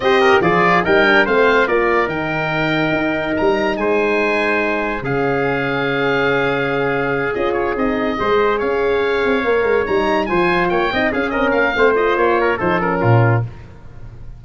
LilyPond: <<
  \new Staff \with { instrumentName = "oboe" } { \time 4/4 \tempo 4 = 143 dis''4 d''4 g''4 f''4 | d''4 g''2. | ais''4 gis''2. | f''1~ |
f''4. dis''8 cis''8 dis''4.~ | dis''8 f''2. ais''8~ | ais''8 gis''4 g''4 f''8 dis''8 f''8~ | f''8 dis''8 cis''4 c''8 ais'4. | }
  \new Staff \with { instrumentName = "trumpet" } { \time 4/4 c''8 ais'8 gis'4 ais'4 c''4 | ais'1~ | ais'4 c''2. | gis'1~ |
gis'2.~ gis'8 c''8~ | c''8 cis''2.~ cis''8~ | cis''8 c''4 cis''8 dis''8 gis'8 ais'4 | c''4. ais'8 a'4 f'4 | }
  \new Staff \with { instrumentName = "horn" } { \time 4/4 g'4 f'4 dis'8 d'8 c'4 | f'4 dis'2.~ | dis'1 | cis'1~ |
cis'4. f'4 dis'4 gis'8~ | gis'2~ gis'8 ais'4 dis'8~ | dis'8 f'4. dis'8 cis'4. | c'8 f'4. dis'8 cis'4. | }
  \new Staff \with { instrumentName = "tuba" } { \time 4/4 c'4 f4 g4 a4 | ais4 dis2 dis'4 | g4 gis2. | cis1~ |
cis4. cis'4 c'4 gis8~ | gis8 cis'4. c'8 ais8 gis8 g8~ | g8 f4 ais8 c'8 cis'8 c'8 ais8 | a4 ais4 f4 ais,4 | }
>>